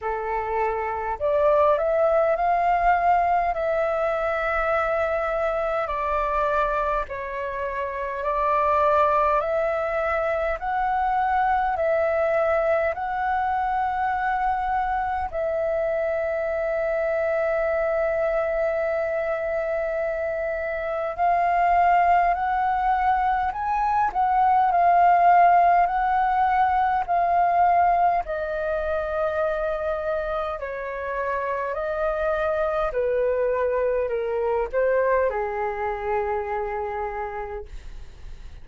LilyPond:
\new Staff \with { instrumentName = "flute" } { \time 4/4 \tempo 4 = 51 a'4 d''8 e''8 f''4 e''4~ | e''4 d''4 cis''4 d''4 | e''4 fis''4 e''4 fis''4~ | fis''4 e''2.~ |
e''2 f''4 fis''4 | gis''8 fis''8 f''4 fis''4 f''4 | dis''2 cis''4 dis''4 | b'4 ais'8 c''8 gis'2 | }